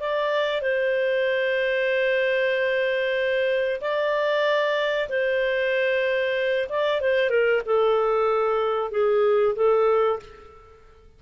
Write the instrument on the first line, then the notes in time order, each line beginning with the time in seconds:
clarinet
0.00 D5
0.62 C5
3.82 D5
5.09 C5
6.70 D5
7.01 C5
7.30 A#4
7.66 A4
8.92 G#4
9.56 A4